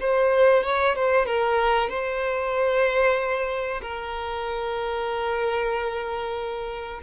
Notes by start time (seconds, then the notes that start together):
0.00 C5
0.63 C#5
0.95 C5
1.25 A#4
1.89 C5
3.82 A#4